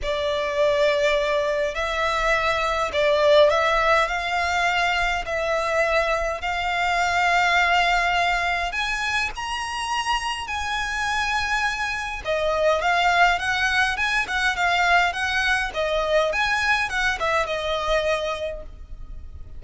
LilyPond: \new Staff \with { instrumentName = "violin" } { \time 4/4 \tempo 4 = 103 d''2. e''4~ | e''4 d''4 e''4 f''4~ | f''4 e''2 f''4~ | f''2. gis''4 |
ais''2 gis''2~ | gis''4 dis''4 f''4 fis''4 | gis''8 fis''8 f''4 fis''4 dis''4 | gis''4 fis''8 e''8 dis''2 | }